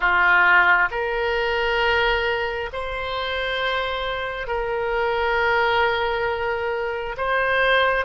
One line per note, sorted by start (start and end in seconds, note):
0.00 0.88 F4
0.90 2.69 A#4
2.72 4.47 C5
4.47 7.16 A#4
7.16 8.05 C5